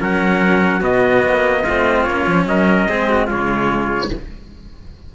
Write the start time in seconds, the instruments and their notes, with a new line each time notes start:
0.00 cello F#3 C#4, trumpet A#4 F#5
0.80 cello B2 B3, trumpet F#4 D#5
1.24 cello A#3
1.63 cello A3 C4, trumpet F4
2.04 cello A#3, trumpet C#5
2.10 cello C#4
2.26 cello F3
2.46 cello F#3, trumpet A#4 D#5
2.88 cello G#3 C4, trumpet G#4
3.10 trumpet F#4
3.26 cello C#3 G#3, trumpet F4 C#5